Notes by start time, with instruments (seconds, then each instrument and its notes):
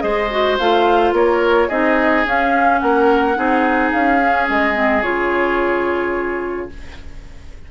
0.00 bassoon G#3, clarinet G#4, oboe C5, flute D#5
0.31 clarinet F#4
0.59 bassoon A3, clarinet F4, flute F5
1.13 bassoon A#3, oboe A#4, flute C#5
1.68 bassoon C4, clarinet D#4, oboe G#4, flute D#5
2.25 bassoon C#4, clarinet C#4, flute F5
2.80 bassoon A#3, oboe A#4, flute F#5
3.35 bassoon C4, clarinet D#4, oboe G#4
3.92 bassoon C#4, flute F5
4.21 clarinet C#4
4.49 bassoon G#3, flute D#5
4.74 clarinet C4
5.03 bassoon C#3, clarinet F4, flute C#5